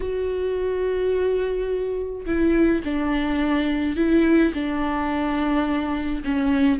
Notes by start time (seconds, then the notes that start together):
0.00 F#4
2.26 E4
2.84 D4
3.96 E4
4.53 D4
6.24 C#4